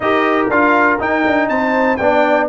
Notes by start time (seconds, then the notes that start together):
0.00 D#4 G4 A#4 D#5
0.49 D4 F4 F5
0.99 D#4 G5
1.26 D4
1.48 C4 C5 A5
1.96 B3 D4 D5 G5